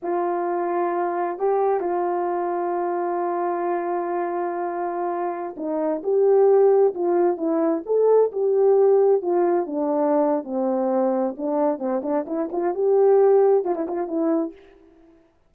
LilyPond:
\new Staff \with { instrumentName = "horn" } { \time 4/4 \tempo 4 = 132 f'2. g'4 | f'1~ | f'1~ | f'16 dis'4 g'2 f'8.~ |
f'16 e'4 a'4 g'4.~ g'16~ | g'16 f'4 d'4.~ d'16 c'4~ | c'4 d'4 c'8 d'8 e'8 f'8 | g'2 f'16 e'16 f'8 e'4 | }